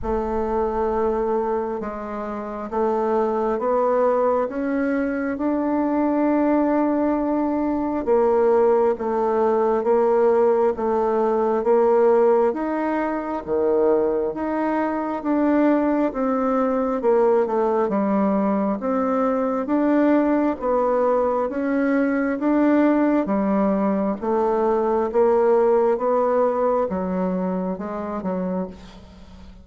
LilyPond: \new Staff \with { instrumentName = "bassoon" } { \time 4/4 \tempo 4 = 67 a2 gis4 a4 | b4 cis'4 d'2~ | d'4 ais4 a4 ais4 | a4 ais4 dis'4 dis4 |
dis'4 d'4 c'4 ais8 a8 | g4 c'4 d'4 b4 | cis'4 d'4 g4 a4 | ais4 b4 fis4 gis8 fis8 | }